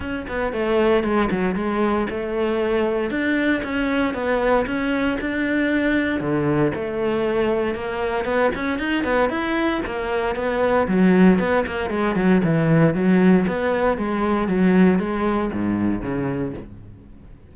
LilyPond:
\new Staff \with { instrumentName = "cello" } { \time 4/4 \tempo 4 = 116 cis'8 b8 a4 gis8 fis8 gis4 | a2 d'4 cis'4 | b4 cis'4 d'2 | d4 a2 ais4 |
b8 cis'8 dis'8 b8 e'4 ais4 | b4 fis4 b8 ais8 gis8 fis8 | e4 fis4 b4 gis4 | fis4 gis4 gis,4 cis4 | }